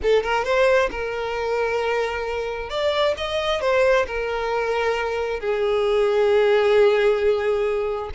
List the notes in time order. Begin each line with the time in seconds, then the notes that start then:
0.02 A4
0.23 A#4
0.44 C5
0.90 A#4
2.69 D5
3.17 D#5
3.60 C5
4.06 A#4
5.40 G#4